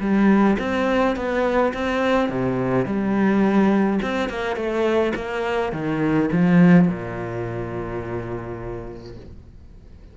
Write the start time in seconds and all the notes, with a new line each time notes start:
0.00 G3
0.59 C4
1.16 B3
1.74 C4
2.29 C3
2.85 G3
4.02 C4
4.29 A#3
4.56 A3
5.15 A#3
5.73 D#3
6.32 F3
6.88 A#2